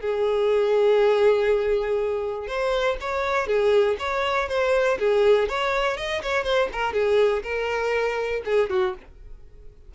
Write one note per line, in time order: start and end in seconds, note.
0.00 2.47 G#4
2.47 2.97 C5
3.00 3.47 C#5
3.47 3.96 G#4
3.99 4.48 C#5
4.48 4.98 C5
4.99 5.48 G#4
5.48 5.97 C#5
5.97 6.21 D#5
6.22 6.43 C#5
6.43 6.68 C5
6.72 6.93 A#4
6.93 7.42 G#4
7.43 8.42 A#4
8.45 8.69 G#4
8.69 8.94 F#4